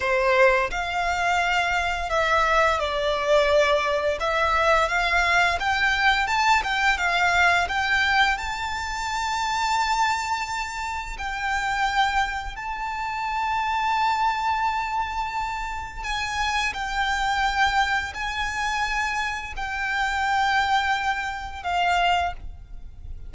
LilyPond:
\new Staff \with { instrumentName = "violin" } { \time 4/4 \tempo 4 = 86 c''4 f''2 e''4 | d''2 e''4 f''4 | g''4 a''8 g''8 f''4 g''4 | a''1 |
g''2 a''2~ | a''2. gis''4 | g''2 gis''2 | g''2. f''4 | }